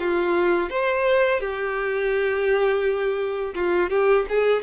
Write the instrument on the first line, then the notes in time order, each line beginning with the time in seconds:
violin
0.00 F4
0.70 C5
1.41 G4
3.55 F4
3.90 G4
4.30 G#4